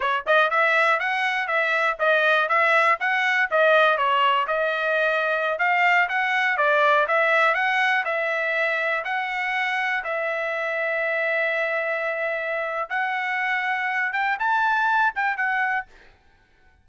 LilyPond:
\new Staff \with { instrumentName = "trumpet" } { \time 4/4 \tempo 4 = 121 cis''8 dis''8 e''4 fis''4 e''4 | dis''4 e''4 fis''4 dis''4 | cis''4 dis''2~ dis''16 f''8.~ | f''16 fis''4 d''4 e''4 fis''8.~ |
fis''16 e''2 fis''4.~ fis''16~ | fis''16 e''2.~ e''8.~ | e''2 fis''2~ | fis''8 g''8 a''4. g''8 fis''4 | }